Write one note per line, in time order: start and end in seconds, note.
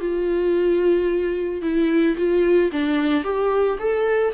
0.00 1.62 F4
1.62 2.16 E4
2.17 2.71 F4
2.72 3.24 D4
3.24 3.78 G4
3.79 4.33 A4